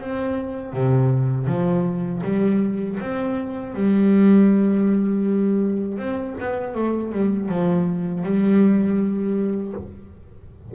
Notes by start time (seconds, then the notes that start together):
0.00 C4
0.73 C3
1.47 F3
2.24 G3
3.00 C4
3.74 G3
5.98 C4
6.40 B3
6.74 A3
7.12 G3
7.49 F3
8.24 G3